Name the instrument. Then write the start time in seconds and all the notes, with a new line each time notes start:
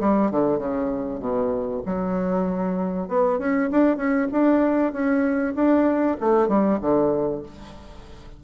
bassoon
0.00 G3
0.31 D3
0.58 C#3
1.20 B2
1.86 F#3
3.08 B3
3.39 C#4
3.71 D4
3.97 C#4
4.32 D4
4.93 C#4
5.55 D4
6.20 A3
6.48 G3
6.81 D3